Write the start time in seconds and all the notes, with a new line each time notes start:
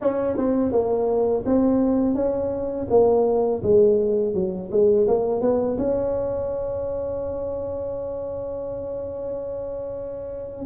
0.01 C#4
0.36 C4
0.72 A#3
1.45 C4
2.15 C#4
2.90 A#3
3.62 G#3
4.33 F#3
4.71 G#3
5.07 A#3
5.41 B3
5.78 C#4